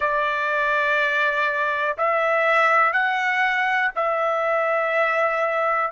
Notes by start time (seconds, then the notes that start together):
0.00 D5
1.97 E5
2.92 F#5
3.95 E5